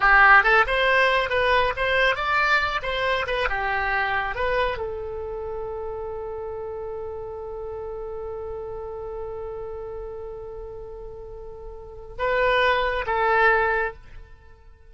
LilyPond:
\new Staff \with { instrumentName = "oboe" } { \time 4/4 \tempo 4 = 138 g'4 a'8 c''4. b'4 | c''4 d''4. c''4 b'8 | g'2 b'4 a'4~ | a'1~ |
a'1~ | a'1~ | a'1 | b'2 a'2 | }